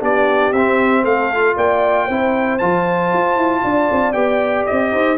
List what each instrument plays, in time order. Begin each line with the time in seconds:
0.00 tuba B3, trombone D4, horn G4, trumpet D5
0.52 tuba C4, trombone C4, trumpet E5
1.04 tuba A3, horn A4, trumpet F5
1.34 trombone F4
1.56 tuba A#3, horn D5, trumpet G5
2.06 tuba C4, trombone E4, horn C5
2.58 tuba F3, trombone F4, trumpet A5
3.13 tuba F4
3.36 tuba E4
3.64 tuba D4, horn D5
3.91 tuba C4
4.13 tuba B3, trombone G4, trumpet G5
4.66 tuba C4, trumpet D#5
4.92 tuba D#4, horn C5